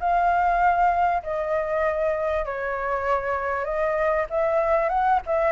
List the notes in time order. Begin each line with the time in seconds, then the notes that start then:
0.00 F5
1.23 D#5
2.45 C#5
3.64 D#5
4.30 E5
4.89 F#5
5.26 E5